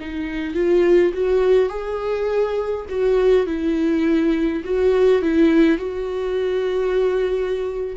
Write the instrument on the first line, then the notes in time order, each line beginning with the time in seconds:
viola
0.00 D#4
0.54 F4
1.13 F#4
1.69 G#4
2.89 F#4
3.46 E4
4.64 F#4
5.22 E4
5.78 F#4